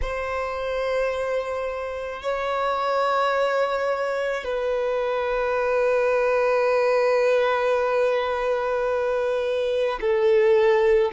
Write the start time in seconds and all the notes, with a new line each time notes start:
0.02 C5
2.22 C#5
4.44 B4
10.00 A4